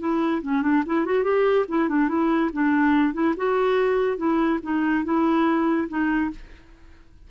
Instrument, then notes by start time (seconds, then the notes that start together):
clarinet
0.00 E4
0.42 C#4
0.63 D4
0.86 E4
1.05 F#4
1.24 G4
1.69 E4
1.89 D4
2.09 E4
2.53 D4
3.14 E4
3.37 F#4
4.18 E4
4.63 D#4
5.05 E4
5.89 D#4